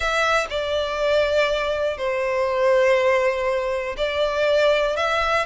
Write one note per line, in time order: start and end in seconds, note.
0.00 0.47 E5
0.50 1.97 D5
1.97 3.95 C5
3.97 4.96 D5
4.96 5.45 E5